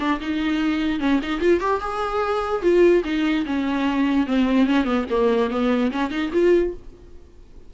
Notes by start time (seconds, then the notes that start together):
0.00 D4
0.21 D#4
1.00 C#4
1.23 D#4
1.41 F4
1.61 G4
1.81 G#4
2.63 F4
3.05 D#4
3.46 C#4
4.27 C4
4.67 C#4
4.85 B3
5.11 A#3
5.51 B3
5.92 C#4
6.11 D#4
6.33 F4